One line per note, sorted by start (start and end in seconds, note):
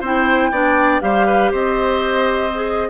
0.00 0.50 C4
0.00 0.52 E4
0.00 0.50 C5
0.00 1.01 G5
0.50 1.00 B3
0.50 1.01 D4
0.50 1.01 D5
1.01 1.52 G3
1.01 2.51 G4
1.01 1.26 C5
1.01 1.51 F5
1.26 1.51 B4
1.51 2.89 C4
1.51 2.88 C5
1.51 2.89 D#5
2.54 2.89 G#4